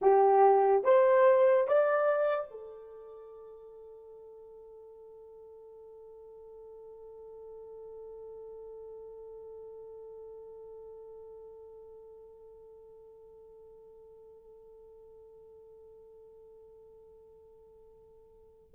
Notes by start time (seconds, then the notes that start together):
0.01 G4
0.84 C5
1.67 D5
2.50 A4